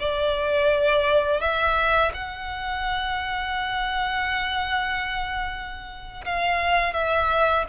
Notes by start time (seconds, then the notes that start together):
0.00 D5
1.41 E5
2.14 F#5
6.25 F5
6.94 E5